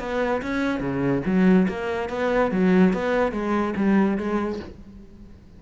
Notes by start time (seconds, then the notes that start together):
0.00 B3
0.43 C#4
0.80 C#3
1.26 F#3
1.69 A#3
2.10 B3
2.52 F#3
2.94 B3
3.32 G#3
3.77 G3
4.18 G#3